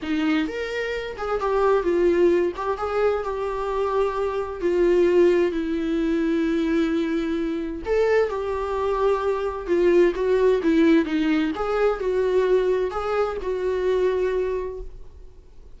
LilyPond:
\new Staff \with { instrumentName = "viola" } { \time 4/4 \tempo 4 = 130 dis'4 ais'4. gis'8 g'4 | f'4. g'8 gis'4 g'4~ | g'2 f'2 | e'1~ |
e'4 a'4 g'2~ | g'4 f'4 fis'4 e'4 | dis'4 gis'4 fis'2 | gis'4 fis'2. | }